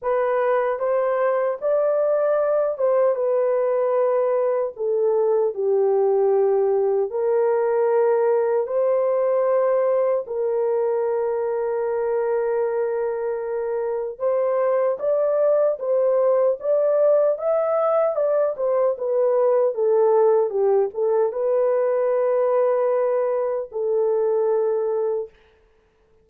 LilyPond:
\new Staff \with { instrumentName = "horn" } { \time 4/4 \tempo 4 = 76 b'4 c''4 d''4. c''8 | b'2 a'4 g'4~ | g'4 ais'2 c''4~ | c''4 ais'2.~ |
ais'2 c''4 d''4 | c''4 d''4 e''4 d''8 c''8 | b'4 a'4 g'8 a'8 b'4~ | b'2 a'2 | }